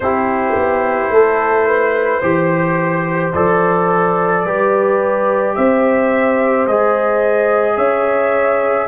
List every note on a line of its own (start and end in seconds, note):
0.00 0.54 C4
0.00 2.22 E4
0.00 1.12 G4
0.00 3.32 C5
0.55 1.09 B3
1.09 2.20 A3
1.09 1.67 A4
1.67 2.21 B4
2.21 3.33 E3
2.21 3.33 G4
2.21 4.43 C5
3.33 4.44 F3
3.33 4.46 A4
3.33 5.55 D5
4.44 5.55 G3
4.44 6.68 G4
4.44 5.56 B4
5.55 6.66 C4
5.55 7.76 C5
5.55 6.66 E5
6.66 7.77 G#3
6.66 8.87 G#4
6.66 7.77 D#5
7.76 8.87 C#4
7.76 8.87 C#5
7.76 8.87 E5